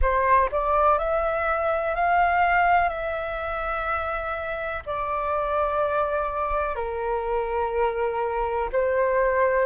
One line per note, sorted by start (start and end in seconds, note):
0.01 0.49 C5
0.51 0.98 D5
0.98 1.95 E5
1.95 2.89 F5
2.89 4.83 E5
4.86 6.75 D5
6.75 8.69 A#4
8.72 9.66 C5